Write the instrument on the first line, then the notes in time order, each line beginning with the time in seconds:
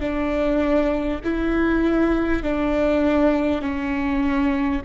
viola
0.00 D4
1.24 E4
2.43 D4
3.62 C#4